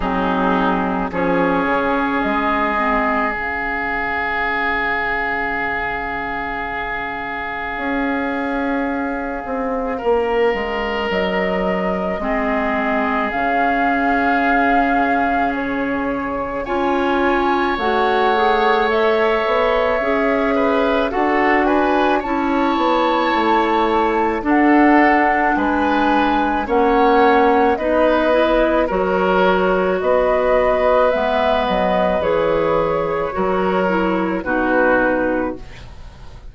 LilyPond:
<<
  \new Staff \with { instrumentName = "flute" } { \time 4/4 \tempo 4 = 54 gis'4 cis''4 dis''4 f''4~ | f''1~ | f''2 dis''2 | f''2 cis''4 gis''4 |
fis''4 e''2 fis''8 gis''8 | a''2 fis''4 gis''4 | fis''4 dis''4 cis''4 dis''4 | e''8 dis''8 cis''2 b'4 | }
  \new Staff \with { instrumentName = "oboe" } { \time 4/4 dis'4 gis'2.~ | gis'1~ | gis'4 ais'2 gis'4~ | gis'2. cis''4~ |
cis''2~ cis''8 b'8 a'8 b'8 | cis''2 a'4 b'4 | cis''4 b'4 ais'4 b'4~ | b'2 ais'4 fis'4 | }
  \new Staff \with { instrumentName = "clarinet" } { \time 4/4 c'4 cis'4. c'8 cis'4~ | cis'1~ | cis'2. c'4 | cis'2. f'4 |
fis'8 gis'8 a'4 gis'4 fis'4 | e'2 d'2 | cis'4 dis'8 e'8 fis'2 | b4 gis'4 fis'8 e'8 dis'4 | }
  \new Staff \with { instrumentName = "bassoon" } { \time 4/4 fis4 f8 cis8 gis4 cis4~ | cis2. cis'4~ | cis'8 c'8 ais8 gis8 fis4 gis4 | cis2. cis'4 |
a4. b8 cis'4 d'4 | cis'8 b8 a4 d'4 gis4 | ais4 b4 fis4 b4 | gis8 fis8 e4 fis4 b,4 | }
>>